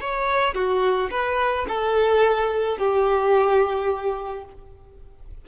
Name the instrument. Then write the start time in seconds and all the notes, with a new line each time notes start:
violin
0.00 C#5
0.54 F#4
1.11 B4
1.68 A4
2.78 G4